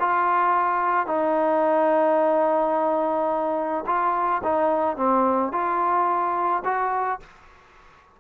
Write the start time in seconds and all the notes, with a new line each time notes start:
0.00 F4
1.07 D#4
3.87 F4
4.44 D#4
4.97 C4
5.52 F4
6.65 F#4